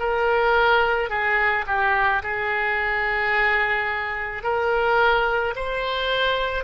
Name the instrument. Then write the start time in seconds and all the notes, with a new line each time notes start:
oboe
0.00 A#4
1.10 G#4
1.67 G4
2.23 G#4
4.43 A#4
5.56 C5